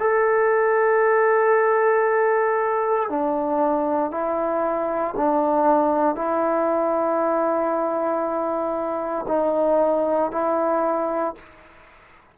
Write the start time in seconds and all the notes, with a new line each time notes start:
0.00 A4
3.09 D4
4.11 E4
5.17 D4
6.16 E4
9.28 D#4
10.32 E4